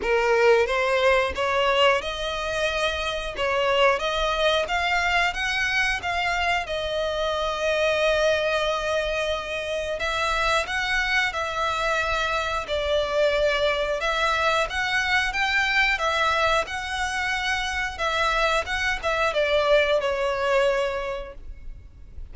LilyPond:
\new Staff \with { instrumentName = "violin" } { \time 4/4 \tempo 4 = 90 ais'4 c''4 cis''4 dis''4~ | dis''4 cis''4 dis''4 f''4 | fis''4 f''4 dis''2~ | dis''2. e''4 |
fis''4 e''2 d''4~ | d''4 e''4 fis''4 g''4 | e''4 fis''2 e''4 | fis''8 e''8 d''4 cis''2 | }